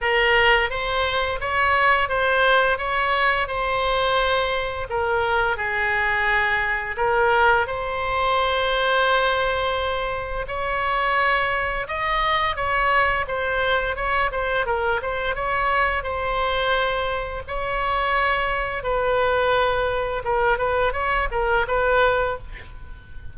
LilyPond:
\new Staff \with { instrumentName = "oboe" } { \time 4/4 \tempo 4 = 86 ais'4 c''4 cis''4 c''4 | cis''4 c''2 ais'4 | gis'2 ais'4 c''4~ | c''2. cis''4~ |
cis''4 dis''4 cis''4 c''4 | cis''8 c''8 ais'8 c''8 cis''4 c''4~ | c''4 cis''2 b'4~ | b'4 ais'8 b'8 cis''8 ais'8 b'4 | }